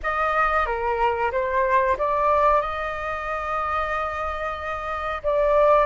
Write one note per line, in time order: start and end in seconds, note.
0.02 0.66 D#5
0.66 1.31 A#4
1.31 1.96 C5
1.98 2.61 D5
2.61 5.22 D#5
5.23 5.86 D5